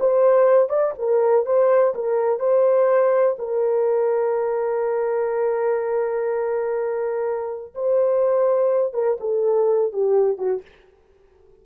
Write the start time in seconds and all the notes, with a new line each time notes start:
0.00 C5
0.69 D5
0.99 A#4
1.46 C5
1.95 A#4
2.40 C5
3.39 A#4
7.75 C5
8.94 A#4
9.20 A4
9.93 G4
10.38 F#4